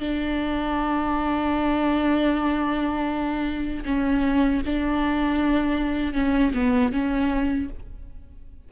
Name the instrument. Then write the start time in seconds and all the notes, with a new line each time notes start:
viola
0.00 D4
3.86 C#4
4.66 D4
6.14 C#4
6.55 B3
6.93 C#4